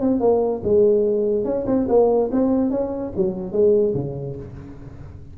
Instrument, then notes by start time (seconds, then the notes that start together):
tuba
0.00 C4
0.20 A#3
0.64 G#3
1.45 C#4
1.67 C4
1.88 A#3
2.31 C4
2.71 C#4
3.16 F#3
3.52 G#3
3.94 C#3